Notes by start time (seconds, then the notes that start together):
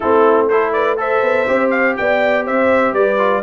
0.00 A3 C4 E4 A4
0.49 E4 A4 C5
0.72 B4 D5
0.97 A4 C5 E5
1.21 B3
1.47 C4 G4
1.70 F5
1.96 B3 D5 G5
2.44 C4 C5 E5
2.93 G3 B4 D5
3.18 F4